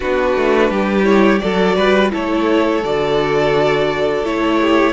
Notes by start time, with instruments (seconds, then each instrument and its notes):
0.00 cello B3, viola D4, violin F#4 B4
0.36 cello A3
0.70 cello G3, violin G4
1.03 viola E4, violin C#5
1.38 cello F#3, viola F#4, violin A4 D5
1.75 cello G3, violin B4
2.11 cello A3, viola E4, violin A4 C#5
2.83 cello D3, viola F#4, violin D5
4.23 cello A3, viola E4, violin C#5
4.60 violin G4